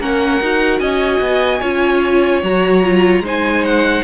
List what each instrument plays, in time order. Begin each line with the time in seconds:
0.00 cello A#3, viola C#4, violin A#4 F#5
0.41 cello D#4, viola F#4
0.79 cello C#4, violin D#5 G#5
1.20 cello B3
1.60 cello C#4, viola F4, violin C#5
2.43 cello F#3, viola F#4, violin A#5
2.83 viola F4
3.20 cello G#3, viola D#4, violin C5
3.28 violin G#5
3.65 violin F#5